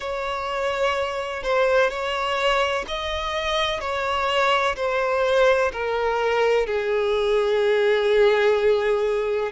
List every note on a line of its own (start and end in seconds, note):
0.00 1.43 C#5
1.43 1.90 C5
1.90 2.85 C#5
2.87 3.80 D#5
3.80 4.75 C#5
4.76 5.71 C5
5.72 6.66 A#4
6.66 9.52 G#4